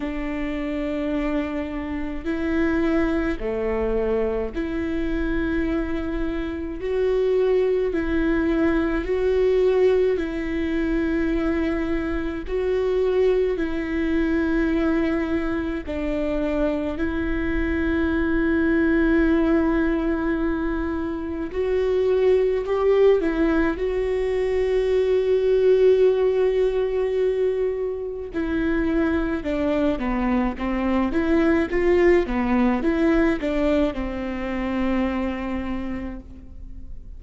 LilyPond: \new Staff \with { instrumentName = "viola" } { \time 4/4 \tempo 4 = 53 d'2 e'4 a4 | e'2 fis'4 e'4 | fis'4 e'2 fis'4 | e'2 d'4 e'4~ |
e'2. fis'4 | g'8 e'8 fis'2.~ | fis'4 e'4 d'8 b8 c'8 e'8 | f'8 b8 e'8 d'8 c'2 | }